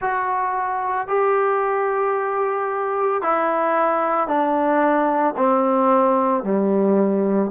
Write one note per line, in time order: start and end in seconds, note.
0.01 1.07 F#4
1.07 3.21 G4
3.21 4.27 E4
4.27 5.34 D4
5.36 6.43 C4
6.43 7.50 G3